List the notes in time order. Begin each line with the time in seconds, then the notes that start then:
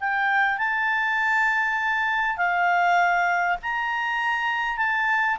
0.00 G5
0.58 A5
2.37 F5
3.62 A#5
4.77 A5